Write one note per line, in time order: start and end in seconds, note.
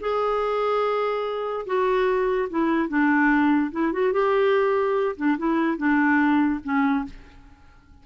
0.00 1.66 G#4
1.66 2.49 F#4
2.50 2.89 E4
2.89 3.71 D4
3.72 3.92 E4
3.92 4.12 F#4
4.12 5.16 G4
5.16 5.37 D4
5.38 5.77 E4
5.77 6.60 D4
6.64 7.05 C#4